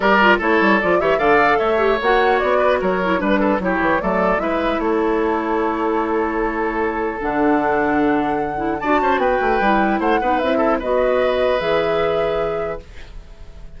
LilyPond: <<
  \new Staff \with { instrumentName = "flute" } { \time 4/4 \tempo 4 = 150 d''4 cis''4 d''8 e''8 f''4 | e''4 fis''4 d''4 cis''4 | b'4 cis''4 d''4 e''4 | cis''1~ |
cis''2 fis''2~ | fis''2 a''4 g''4~ | g''4 fis''4 e''4 dis''4~ | dis''4 e''2. | }
  \new Staff \with { instrumentName = "oboe" } { \time 4/4 ais'4 a'4. cis''8 d''4 | cis''2~ cis''8 b'8 ais'4 | b'8 a'8 g'4 a'4 b'4 | a'1~ |
a'1~ | a'2 d''8 c''8 b'4~ | b'4 c''8 b'4 a'8 b'4~ | b'1 | }
  \new Staff \with { instrumentName = "clarinet" } { \time 4/4 g'8 f'8 e'4 f'8 g'8 a'4~ | a'8 g'8 fis'2~ fis'8 e'8 | d'4 e'4 a4 e'4~ | e'1~ |
e'2 d'2~ | d'4. e'8 fis'2 | e'4. dis'8 e'4 fis'4~ | fis'4 gis'2. | }
  \new Staff \with { instrumentName = "bassoon" } { \time 4/4 g4 a8 g8 f8 e8 d4 | a4 ais4 b4 fis4 | g4 fis8 e8 fis4 gis4 | a1~ |
a2 d2~ | d2 d'8 cis'8 b8 a8 | g4 a8 b8 c'4 b4~ | b4 e2. | }
>>